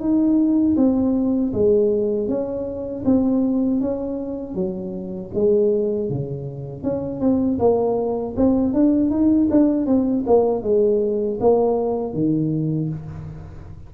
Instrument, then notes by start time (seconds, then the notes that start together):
tuba
0.00 D#4
0.77 C4
1.53 G#3
2.28 C#4
3.05 C4
3.81 C#4
4.55 F#3
5.34 G#3
6.10 C#3
6.83 C#4
7.20 C4
7.59 A#3
8.36 C4
8.74 D4
9.10 D#4
9.50 D4
9.86 C4
10.26 A#3
10.63 G#3
11.40 A#3
12.13 D#3